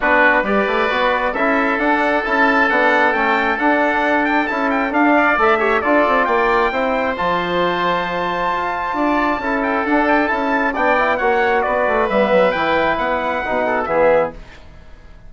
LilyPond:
<<
  \new Staff \with { instrumentName = "trumpet" } { \time 4/4 \tempo 4 = 134 b'4 d''2 e''4 | fis''4 a''4 fis''4 g''4 | fis''4. g''8 a''8 g''8 f''4 | e''4 d''4 g''2 |
a''1~ | a''4. g''8 fis''8 g''8 a''4 | g''4 fis''4 d''4 e''4 | g''4 fis''2 e''4 | }
  \new Staff \with { instrumentName = "oboe" } { \time 4/4 fis'4 b'2 a'4~ | a'1~ | a'2.~ a'8 d''8~ | d''8 cis''8 a'4 d''4 c''4~ |
c''1 | d''4 a'2. | d''4 cis''4 b'2~ | b'2~ b'8 a'8 gis'4 | }
  \new Staff \with { instrumentName = "trombone" } { \time 4/4 d'4 g'4 fis'4 e'4 | d'4 e'4 d'4 cis'4 | d'2 e'4 d'4 | a'8 g'8 f'2 e'4 |
f'1~ | f'4 e'4 d'4 e'4 | d'8 e'8 fis'2 b4 | e'2 dis'4 b4 | }
  \new Staff \with { instrumentName = "bassoon" } { \time 4/4 b4 g8 a8 b4 cis'4 | d'4 cis'4 b4 a4 | d'2 cis'4 d'4 | a4 d'8 c'8 ais4 c'4 |
f2. f'4 | d'4 cis'4 d'4 cis'4 | b4 ais4 b8 a8 g8 fis8 | e4 b4 b,4 e4 | }
>>